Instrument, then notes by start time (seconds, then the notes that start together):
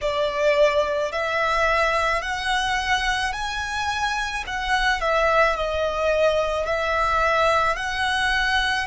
violin
0.01 D5
1.12 E5
2.22 F#5
3.32 G#5
4.46 F#5
5.01 E5
5.56 D#5
6.66 E5
7.76 F#5